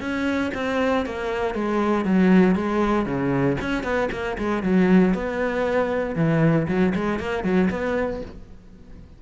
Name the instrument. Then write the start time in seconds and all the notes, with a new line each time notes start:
cello
0.00 C#4
0.54 C4
1.06 A#3
1.54 G#3
2.05 F#3
2.55 G#3
3.06 C#3
3.61 C#4
3.83 B3
4.12 A#3
4.38 G#3
4.63 F#3
5.14 B3
6.16 E3
6.68 F#3
6.95 G#3
7.19 A#3
7.44 F#3
7.70 B3